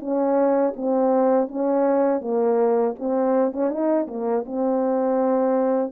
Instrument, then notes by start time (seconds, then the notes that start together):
horn
0.00 C#4
0.76 C4
1.48 C#4
2.21 A#3
2.99 C4
3.52 C#4
3.70 D#4
4.07 A#3
4.46 C4